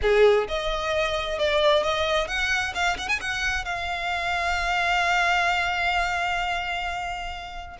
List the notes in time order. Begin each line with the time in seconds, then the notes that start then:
0.01 G#4
0.47 D#5
1.38 D5
1.83 D#5
2.27 F#5
2.74 F5
2.97 F#5
3.08 G#5
3.20 F#5
3.64 F5